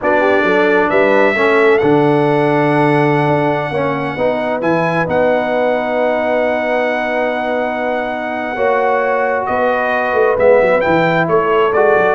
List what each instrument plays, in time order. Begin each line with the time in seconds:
0.01 tuba B3, trombone D4, horn F#4, trumpet D5
0.20 horn G4
0.43 tuba F#3, horn A4
0.89 tuba G3, horn B4, trumpet E5
1.35 tuba A3, trombone C#4, horn A4
1.78 tuba D3, trombone D4, trumpet F#5
3.27 tuba D4
3.71 tuba A#3, trombone C#4, horn C#5
4.14 tuba B3, trombone D#4, horn B4
4.61 tuba E3, trombone E4, trumpet G#5
5.06 tuba B3, trombone D#4, trumpet F#5
8.54 tuba A#3, trombone F#4, horn C#5
9.46 tuba B3, horn B4, trumpet D#5
10.13 tuba A3
10.37 tuba G#3, trombone B3, trumpet E5
10.61 tuba F#3
10.80 tuba E3, trombone E4, trumpet G5
11.27 tuba A3, horn A4, trumpet C#5
11.72 tuba G#3, trombone F#4, trumpet D5
11.96 tuba F#3